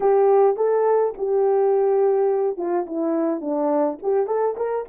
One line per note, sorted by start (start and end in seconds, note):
0.00 0.56 G4
0.56 1.13 A4
1.17 2.57 G4
2.57 2.85 F4
2.86 3.41 E4
3.41 3.98 D4
4.02 4.26 G4
4.26 4.55 A4
4.56 4.85 A#4